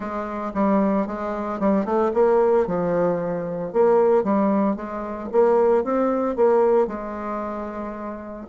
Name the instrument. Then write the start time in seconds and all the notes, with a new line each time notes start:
bassoon
0.00 G#3
0.54 G3
1.06 G#3
1.59 G3
1.85 A3
2.13 A#3
2.66 F3
3.73 A#3
4.23 G3
4.76 G#3
5.31 A#3
5.83 C4
6.35 A#3
6.87 G#3